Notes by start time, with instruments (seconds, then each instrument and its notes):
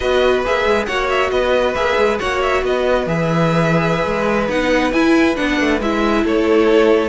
0.00 cello B3, viola F#4, violin B4 D#5
0.45 cello A#3, viola G#4, violin E5
0.65 cello G#3
0.85 cello A#3, viola F#4, violin C#5 F#5
1.09 violin E5
1.30 cello B3, violin B4 D#5
1.74 cello A#3, viola G#4, violin E5
1.97 cello G#3
2.19 cello A#3, viola F#4, violin C#5 F#5
2.42 violin E5
2.62 cello B3, violin B4 D#5
3.06 cello E3, viola G#4, violin E5
4.05 cello G#3
4.48 cello B3, viola D#4, violin F#5
4.92 cello E4, viola E4, violin G#5
5.35 cello B3, viola D4, violin F#5
5.60 cello A3
5.80 cello G#3, viola E4, violin E5
6.24 cello A3, violin A4 C#5